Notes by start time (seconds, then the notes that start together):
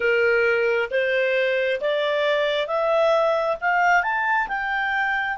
0.00 A#4
0.90 C5
1.80 D5
2.67 E5
3.61 F5
4.03 A5
4.48 G5